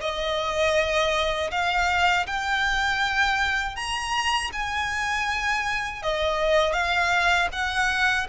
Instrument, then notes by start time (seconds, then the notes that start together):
violin
0.00 D#5
1.51 F5
2.26 G5
3.75 A#5
4.52 G#5
6.02 D#5
6.73 F5
7.52 F#5